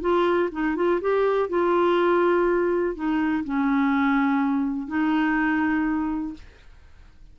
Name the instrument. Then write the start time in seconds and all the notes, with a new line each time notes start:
clarinet
0.00 F4
0.51 D#4
0.75 F4
1.00 G4
1.48 F4
2.95 D#4
3.44 C#4
4.87 D#4